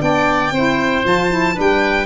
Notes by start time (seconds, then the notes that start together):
0.00 B3 D4 D5 G5
0.51 C4 E4 C5
1.04 F3 F4 A5
1.30 E4
1.55 G3 D4 B4 G5